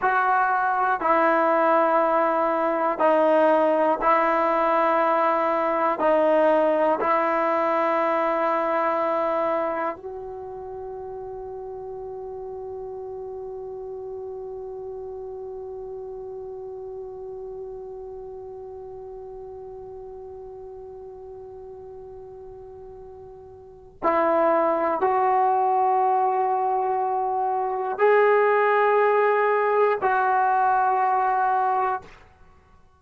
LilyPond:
\new Staff \with { instrumentName = "trombone" } { \time 4/4 \tempo 4 = 60 fis'4 e'2 dis'4 | e'2 dis'4 e'4~ | e'2 fis'2~ | fis'1~ |
fis'1~ | fis'1 | e'4 fis'2. | gis'2 fis'2 | }